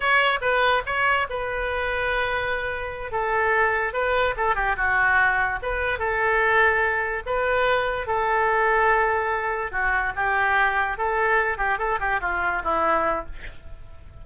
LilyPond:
\new Staff \with { instrumentName = "oboe" } { \time 4/4 \tempo 4 = 145 cis''4 b'4 cis''4 b'4~ | b'2.~ b'8 a'8~ | a'4. b'4 a'8 g'8 fis'8~ | fis'4. b'4 a'4.~ |
a'4. b'2 a'8~ | a'2.~ a'8 fis'8~ | fis'8 g'2 a'4. | g'8 a'8 g'8 f'4 e'4. | }